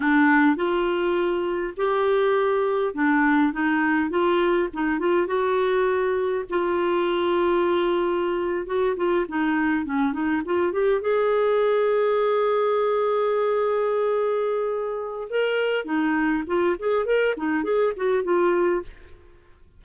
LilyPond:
\new Staff \with { instrumentName = "clarinet" } { \time 4/4 \tempo 4 = 102 d'4 f'2 g'4~ | g'4 d'4 dis'4 f'4 | dis'8 f'8 fis'2 f'4~ | f'2~ f'8. fis'8 f'8 dis'16~ |
dis'8. cis'8 dis'8 f'8 g'8 gis'4~ gis'16~ | gis'1~ | gis'2 ais'4 dis'4 | f'8 gis'8 ais'8 dis'8 gis'8 fis'8 f'4 | }